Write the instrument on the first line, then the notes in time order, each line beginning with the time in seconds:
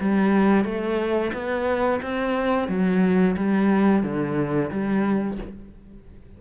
cello
0.00 G3
0.64 A3
1.32 B3
2.02 C4
2.68 F#3
3.36 G3
4.03 D3
4.70 G3